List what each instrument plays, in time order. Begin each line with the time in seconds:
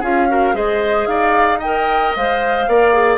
0.00 bassoon C#4, clarinet F4, oboe G#4, flute F5
0.29 clarinet F#4, oboe A#4
0.53 bassoon G#3, clarinet G#4, oboe C5, flute D#5
1.07 bassoon D#4, oboe D5, flute F5
1.59 clarinet A#4, oboe D#5, flute G5
2.16 bassoon G#3, clarinet C5, flute F5
2.68 bassoon A#3, clarinet A#4, oboe D5
2.93 clarinet G#4